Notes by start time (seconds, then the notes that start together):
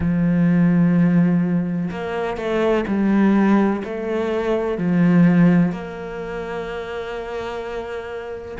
0.00 F3
1.90 A#3
2.37 A3
2.87 G3
3.84 A3
4.78 F3
5.71 A#3